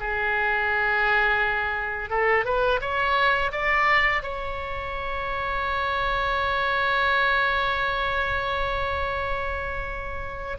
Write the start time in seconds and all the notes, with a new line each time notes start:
0.00 G#4
2.10 A4
2.45 B4
2.81 C#5
3.52 D5
4.23 C#5